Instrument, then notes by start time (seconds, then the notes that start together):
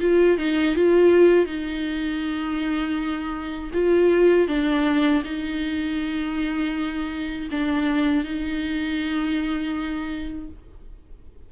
viola
0.00 F4
0.38 D#4
0.75 F4
1.45 D#4
3.73 F4
4.47 D4
5.23 D#4
7.51 D4
8.24 D#4